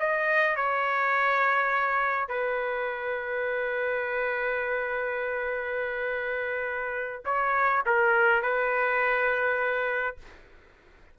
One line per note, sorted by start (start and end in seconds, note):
0.00 0.56 D#5
0.56 2.29 C#5
2.29 7.24 B4
7.26 7.84 C#5
7.87 8.43 A#4
8.43 10.18 B4